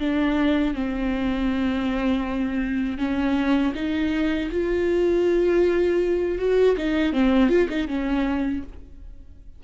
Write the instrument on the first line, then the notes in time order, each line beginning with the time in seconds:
viola
0.00 D4
0.75 C4
2.99 C#4
3.75 D#4
4.52 F4
6.39 F#4
6.78 D#4
7.13 C4
7.50 F4
7.70 D#4
7.88 C#4